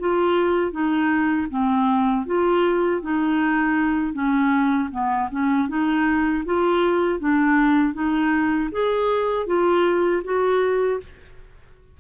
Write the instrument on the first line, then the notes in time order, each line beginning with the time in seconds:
clarinet
0.00 F4
0.72 D#4
1.50 C4
2.26 F4
3.02 D#4
4.14 C#4
4.92 B3
5.32 C#4
5.69 D#4
6.46 F4
7.20 D4
7.94 D#4
8.72 G#4
9.47 F4
10.24 F#4